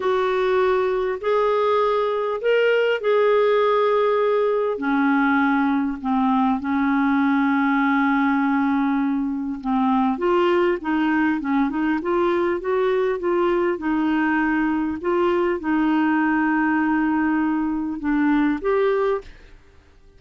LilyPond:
\new Staff \with { instrumentName = "clarinet" } { \time 4/4 \tempo 4 = 100 fis'2 gis'2 | ais'4 gis'2. | cis'2 c'4 cis'4~ | cis'1 |
c'4 f'4 dis'4 cis'8 dis'8 | f'4 fis'4 f'4 dis'4~ | dis'4 f'4 dis'2~ | dis'2 d'4 g'4 | }